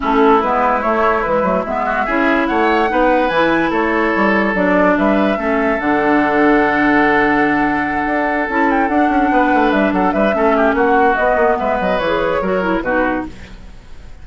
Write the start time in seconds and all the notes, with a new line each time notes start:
0.00 A3 C#4 E4 A4
0.41 G#3 B3 B4
0.81 A3 C#5
1.22 E3 G#3 B4
1.42 F#3 A3
1.64 G#3 B3 E5
1.85 F#4
2.05 C#4 E4 G#4
2.46 A3 C#5 F#5
2.87 B3 D#4 B4
3.28 E3 E4 G#5
3.70 A3 A4 C#5
4.15 G3
4.54 F#3 D4 D5
4.97 G3 B4 E5
5.36 A3 C#4 A4
5.79 D3 D4 F#5
8.05 D4
8.48 C#4 E4 A5
8.70 G5
8.87 D4 F#5
9.09 C#4
9.31 B3 B4
9.54 A3
9.71 G3 E5
9.92 F#3 A4 F#5
10.11 G3 B4 E5
10.32 A3 C#4 A4
10.56 G4
10.73 A#3 F#4 F#5
11.15 B3 D#5
11.35 A#3
11.58 G#3 B4 E5
11.80 F#3 D#5
11.98 E3 C#5
12.05 G#4
12.41 F#3 F#4 A#4
12.62 E4
12.81 B2 D#4 F#4 B4